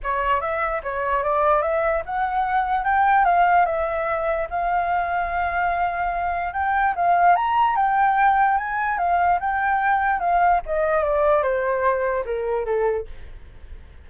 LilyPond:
\new Staff \with { instrumentName = "flute" } { \time 4/4 \tempo 4 = 147 cis''4 e''4 cis''4 d''4 | e''4 fis''2 g''4 | f''4 e''2 f''4~ | f''1 |
g''4 f''4 ais''4 g''4~ | g''4 gis''4 f''4 g''4~ | g''4 f''4 dis''4 d''4 | c''2 ais'4 a'4 | }